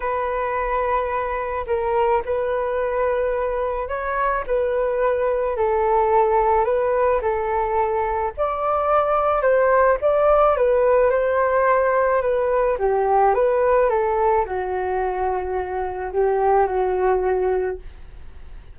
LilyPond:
\new Staff \with { instrumentName = "flute" } { \time 4/4 \tempo 4 = 108 b'2. ais'4 | b'2. cis''4 | b'2 a'2 | b'4 a'2 d''4~ |
d''4 c''4 d''4 b'4 | c''2 b'4 g'4 | b'4 a'4 fis'2~ | fis'4 g'4 fis'2 | }